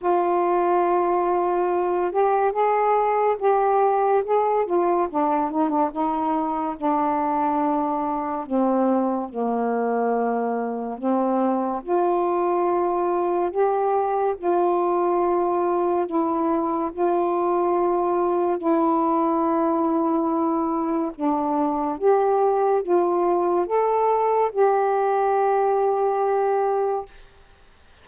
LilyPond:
\new Staff \with { instrumentName = "saxophone" } { \time 4/4 \tempo 4 = 71 f'2~ f'8 g'8 gis'4 | g'4 gis'8 f'8 d'8 dis'16 d'16 dis'4 | d'2 c'4 ais4~ | ais4 c'4 f'2 |
g'4 f'2 e'4 | f'2 e'2~ | e'4 d'4 g'4 f'4 | a'4 g'2. | }